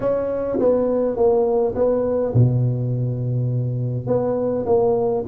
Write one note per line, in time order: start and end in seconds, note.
0.00 0.58 C#4
0.59 1.16 B3
1.16 1.74 A#3
1.75 2.33 B3
2.34 4.06 B2
4.06 4.65 B3
4.66 5.24 A#3